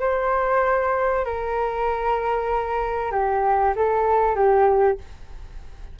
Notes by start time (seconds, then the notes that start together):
0.00 C5
1.25 A#4
3.12 G4
3.76 A4
4.35 G4